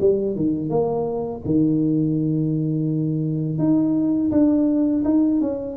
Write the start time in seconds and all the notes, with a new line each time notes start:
0.00 G3
0.35 D#3
0.70 A#3
1.46 D#3
3.59 D#4
4.31 D4
5.05 D#4
5.41 C#4